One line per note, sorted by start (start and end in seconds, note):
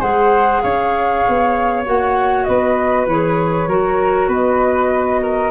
0.00 0.63 G#3
0.00 1.85 G#4
0.00 0.61 C5
0.00 0.61 F#5
0.61 1.25 C#4
0.61 2.47 C#5
0.61 1.84 F5
1.29 1.86 B3
1.85 2.48 A#3
1.85 3.08 F#4
1.85 2.44 F#5
2.44 3.06 B3
2.44 3.68 B4
2.44 3.05 D#5
3.06 3.67 E3
3.06 3.69 G#4
3.06 4.31 C#5
3.67 4.28 F#3
3.67 5.50 F#4
3.67 4.29 A#4
4.28 5.50 B3
4.28 5.20 B4
4.28 5.50 D#5
5.22 5.50 A#4